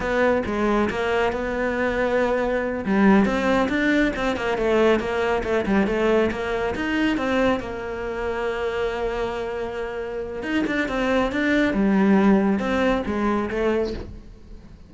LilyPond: \new Staff \with { instrumentName = "cello" } { \time 4/4 \tempo 4 = 138 b4 gis4 ais4 b4~ | b2~ b8 g4 c'8~ | c'8 d'4 c'8 ais8 a4 ais8~ | ais8 a8 g8 a4 ais4 dis'8~ |
dis'8 c'4 ais2~ ais8~ | ais1 | dis'8 d'8 c'4 d'4 g4~ | g4 c'4 gis4 a4 | }